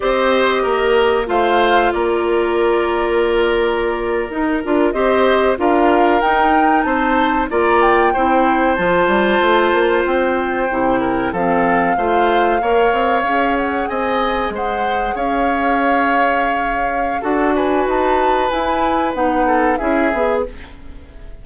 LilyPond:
<<
  \new Staff \with { instrumentName = "flute" } { \time 4/4 \tempo 4 = 94 dis''2 f''4 d''4~ | d''2~ d''8. ais'4 dis''16~ | dis''8. f''4 g''4 a''4 ais''16~ | ais''16 g''4. a''2 g''16~ |
g''4.~ g''16 f''2~ f''16~ | f''4~ f''16 fis''8 gis''4 fis''4 f''16~ | f''2. fis''8 gis''8 | a''4 gis''4 fis''4 e''4 | }
  \new Staff \with { instrumentName = "oboe" } { \time 4/4 c''4 ais'4 c''4 ais'4~ | ais'2.~ ais'8. c''16~ | c''8. ais'2 c''4 d''16~ | d''8. c''2.~ c''16~ |
c''4~ c''16 ais'8 a'4 c''4 cis''16~ | cis''4.~ cis''16 dis''4 c''4 cis''16~ | cis''2. a'8 b'8~ | b'2~ b'8 a'8 gis'4 | }
  \new Staff \with { instrumentName = "clarinet" } { \time 4/4 g'2 f'2~ | f'2~ f'8. dis'8 f'8 g'16~ | g'8. f'4 dis'2 f'16~ | f'8. e'4 f'2~ f'16~ |
f'8. e'4 c'4 f'4 ais'16~ | ais'8. gis'2.~ gis'16~ | gis'2. fis'4~ | fis'4 e'4 dis'4 e'8 gis'8 | }
  \new Staff \with { instrumentName = "bassoon" } { \time 4/4 c'4 ais4 a4 ais4~ | ais2~ ais8. dis'8 d'8 c'16~ | c'8. d'4 dis'4 c'4 ais16~ | ais8. c'4 f8 g8 a8 ais8 c'16~ |
c'8. c4 f4 a4 ais16~ | ais16 c'8 cis'4 c'4 gis4 cis'16~ | cis'2. d'4 | dis'4 e'4 b4 cis'8 b8 | }
>>